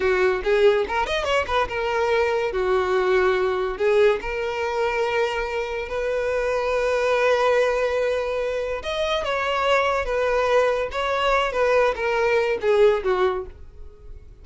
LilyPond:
\new Staff \with { instrumentName = "violin" } { \time 4/4 \tempo 4 = 143 fis'4 gis'4 ais'8 dis''8 cis''8 b'8 | ais'2 fis'2~ | fis'4 gis'4 ais'2~ | ais'2 b'2~ |
b'1~ | b'4 dis''4 cis''2 | b'2 cis''4. b'8~ | b'8 ais'4. gis'4 fis'4 | }